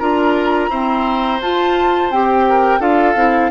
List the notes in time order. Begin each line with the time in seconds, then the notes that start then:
0.00 D4 F4 A#4 A#5
0.69 C4 E4 C5
1.41 F4 A5
2.11 C4 G4 G5
2.49 A#4
2.80 D4 F4 A4 F5
3.15 C4 E4